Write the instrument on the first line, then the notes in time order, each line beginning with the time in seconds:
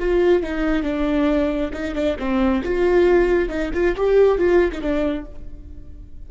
viola
0.00 F4
0.43 D#4
0.83 D4
1.74 D#4
1.95 D4
2.19 C4
2.64 F4
3.49 D#4
3.74 F4
3.97 G4
4.38 F4
4.72 D#4
4.81 D4